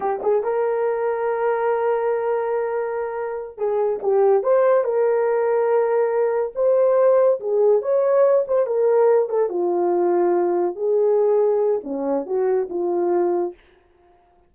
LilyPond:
\new Staff \with { instrumentName = "horn" } { \time 4/4 \tempo 4 = 142 g'8 gis'8 ais'2.~ | ais'1~ | ais'8 gis'4 g'4 c''4 ais'8~ | ais'2.~ ais'8 c''8~ |
c''4. gis'4 cis''4. | c''8 ais'4. a'8 f'4.~ | f'4. gis'2~ gis'8 | cis'4 fis'4 f'2 | }